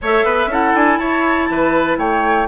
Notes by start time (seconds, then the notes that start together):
0.01 A3 A4 C#5 E5
0.24 B3 B4
0.46 C#4 E4 A4 F#5
0.74 D4 G#5
0.98 E4 C#5 A5
1.49 E3 B4
1.97 A3 C#5 G5